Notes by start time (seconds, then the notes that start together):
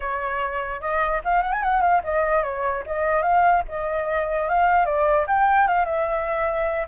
0.00 C#5
0.80 D#5
1.24 F5
1.42 F#5
1.52 G#5
1.63 F#5
1.81 F5
2.03 D#5
2.43 C#5
2.86 D#5
3.22 F5
3.68 D#5
4.48 F5
4.85 D5
5.27 G5
5.67 F5
5.85 E5